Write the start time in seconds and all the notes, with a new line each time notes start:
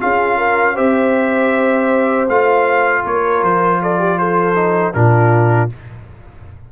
0.00 C#4 F4 G#4 F5
0.38 A#4
0.75 C4 G4 C5 E5
2.29 A3 F4 F5
3.05 A#3 A#4 C#5
3.42 F3 C5
3.82 A4 D5
3.99 G4
4.18 A4 C5
4.55 D#4
4.94 A#2 D4 F4 A#4